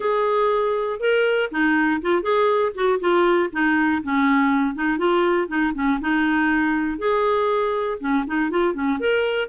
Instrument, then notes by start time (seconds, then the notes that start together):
clarinet
0.00 G#4
1.00 A#4
1.51 D#4
2.01 F4
2.22 G#4
2.74 F#4
3.00 F4
3.52 D#4
4.02 C#4
4.74 D#4
4.98 F4
5.47 D#4
5.74 C#4
6.00 D#4
6.98 G#4
8.00 C#4
8.26 D#4
8.50 F4
8.73 C#4
8.99 A#4